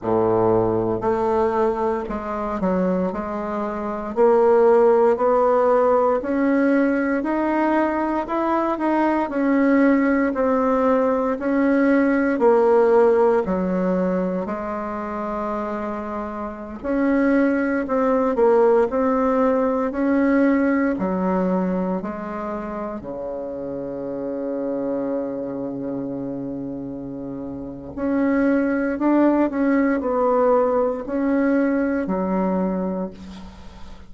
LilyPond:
\new Staff \with { instrumentName = "bassoon" } { \time 4/4 \tempo 4 = 58 a,4 a4 gis8 fis8 gis4 | ais4 b4 cis'4 dis'4 | e'8 dis'8 cis'4 c'4 cis'4 | ais4 fis4 gis2~ |
gis16 cis'4 c'8 ais8 c'4 cis'8.~ | cis'16 fis4 gis4 cis4.~ cis16~ | cis2. cis'4 | d'8 cis'8 b4 cis'4 fis4 | }